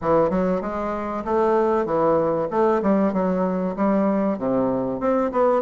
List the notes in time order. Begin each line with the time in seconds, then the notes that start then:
0.01 E3
0.30 F#3
0.61 G#3
1.24 A3
1.85 E3
2.50 A3
2.82 G3
3.13 F#3
3.76 G3
4.38 C3
5.00 C4
5.31 B3